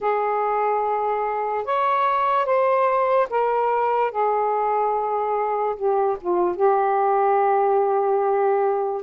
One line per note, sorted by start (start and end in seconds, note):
0.00 1.64 G#4
1.64 2.45 C#5
2.45 3.27 C5
3.30 4.11 A#4
4.11 5.75 G#4
5.75 6.16 G4
6.21 6.56 F4
6.56 9.02 G4